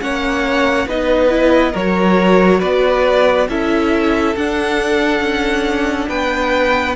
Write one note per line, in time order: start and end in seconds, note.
0.00 0.87 A#3
0.00 0.87 C#4
0.00 0.87 C#5
0.00 0.87 F#5
0.87 1.74 B3
0.87 1.29 D#4
0.87 1.72 B4
0.87 1.76 D#5
1.29 1.73 E4
1.72 2.62 F#3
1.72 3.49 F#4
1.72 2.59 A#4
1.72 2.61 C#5
2.59 3.48 B3
2.59 3.46 B4
2.59 3.47 D5
3.48 4.35 C#4
3.48 4.36 E4
3.48 6.09 A4
3.48 4.36 E5
4.36 5.20 D4
4.36 6.95 D4
4.36 6.09 F#5
5.20 6.07 C#4
6.09 6.95 B3
6.09 6.95 B4
6.09 6.95 G5